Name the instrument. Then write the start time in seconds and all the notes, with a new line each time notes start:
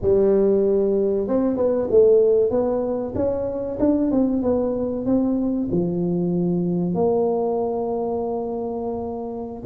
tuba
0.01 G3
1.27 C4
1.56 B3
1.90 A3
2.50 B3
3.15 C#4
3.79 D4
4.11 C4
4.42 B3
5.05 C4
5.71 F3
6.94 A#3